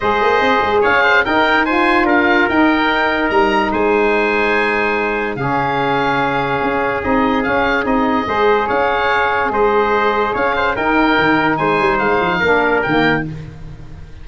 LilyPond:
<<
  \new Staff \with { instrumentName = "oboe" } { \time 4/4 \tempo 4 = 145 dis''2 f''4 g''4 | gis''4 f''4 g''2 | ais''4 gis''2.~ | gis''4 f''2.~ |
f''4 dis''4 f''4 dis''4~ | dis''4 f''2 dis''4~ | dis''4 f''4 g''2 | gis''4 f''2 g''4 | }
  \new Staff \with { instrumentName = "trumpet" } { \time 4/4 c''2 cis''8 c''8 ais'4 | c''4 ais'2.~ | ais'4 c''2.~ | c''4 gis'2.~ |
gis'1 | c''4 cis''2 c''4~ | c''4 cis''8 c''8 ais'2 | c''2 ais'2 | }
  \new Staff \with { instrumentName = "saxophone" } { \time 4/4 gis'2. dis'4 | f'2 dis'2~ | dis'1~ | dis'4 cis'2.~ |
cis'4 dis'4 cis'4 dis'4 | gis'1~ | gis'2 dis'2~ | dis'2 d'4 ais4 | }
  \new Staff \with { instrumentName = "tuba" } { \time 4/4 gis8 ais8 c'8 gis8 cis'4 dis'4~ | dis'4 d'4 dis'2 | g4 gis2.~ | gis4 cis2. |
cis'4 c'4 cis'4 c'4 | gis4 cis'2 gis4~ | gis4 cis'4 dis'4 dis4 | gis8 g8 gis8 f8 ais4 dis4 | }
>>